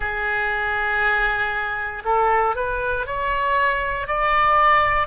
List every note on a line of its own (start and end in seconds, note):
0.00 2.03 G#4
2.04 2.55 A4
2.55 3.06 B4
3.06 4.07 C#5
4.07 5.07 D5